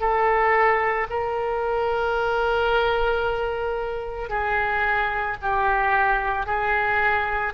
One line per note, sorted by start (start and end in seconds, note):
0.00 1.07 A4
1.10 4.30 A#4
4.30 5.37 G#4
5.42 6.46 G4
6.46 7.53 G#4